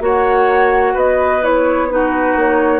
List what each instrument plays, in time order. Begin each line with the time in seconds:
0.00 bassoon A#3, clarinet F#4, oboe C#5, flute F#5
0.93 bassoon B3, oboe B4, flute D#5
1.41 clarinet E4, flute C#5
1.90 clarinet D#4, oboe F#4, flute B4
2.36 bassoon A#3, flute C#5